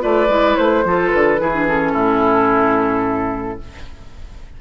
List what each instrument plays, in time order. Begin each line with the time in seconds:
0.00 bassoon A3, clarinet F4, oboe B4, flute D5
0.29 bassoon G#3, clarinet E4
0.57 bassoon A3, flute C5
0.85 bassoon F3, clarinet F4, oboe A4
1.10 bassoon D3, flute B4
1.38 bassoon E3, clarinet E4, oboe G#4
1.54 clarinet D4
1.67 clarinet C#4, flute A4
1.93 bassoon A2, oboe E4